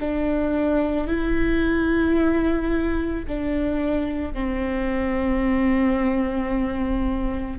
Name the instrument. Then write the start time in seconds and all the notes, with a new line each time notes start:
viola
0.00 D4
1.07 E4
3.27 D4
4.33 C4